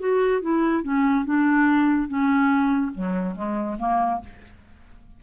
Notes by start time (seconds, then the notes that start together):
0.00 F#4
0.42 E4
0.84 C#4
1.25 D4
2.09 C#4
2.95 F#3
3.36 G#3
3.79 A#3